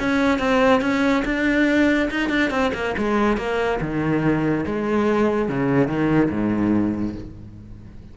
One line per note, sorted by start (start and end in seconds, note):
0.00 0.39 C#4
0.39 0.82 C4
0.82 1.24 C#4
1.25 2.10 D4
2.11 2.30 D#4
2.30 2.51 D4
2.51 2.72 C4
2.75 2.96 A#3
2.98 3.38 G#3
3.38 3.80 A#3
3.81 4.66 D#3
4.67 5.49 G#3
5.49 5.88 C#3
5.88 6.30 D#3
6.31 7.16 G#2